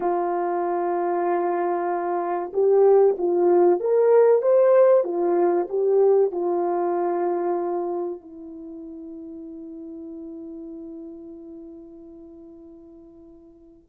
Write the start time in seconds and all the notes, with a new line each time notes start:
0.00 F4
2.53 G4
3.18 F4
3.80 A#4
4.42 C5
5.04 F4
5.69 G4
6.31 F4
8.20 E4